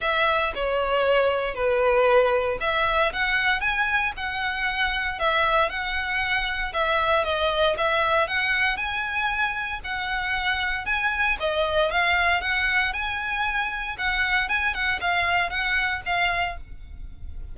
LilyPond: \new Staff \with { instrumentName = "violin" } { \time 4/4 \tempo 4 = 116 e''4 cis''2 b'4~ | b'4 e''4 fis''4 gis''4 | fis''2 e''4 fis''4~ | fis''4 e''4 dis''4 e''4 |
fis''4 gis''2 fis''4~ | fis''4 gis''4 dis''4 f''4 | fis''4 gis''2 fis''4 | gis''8 fis''8 f''4 fis''4 f''4 | }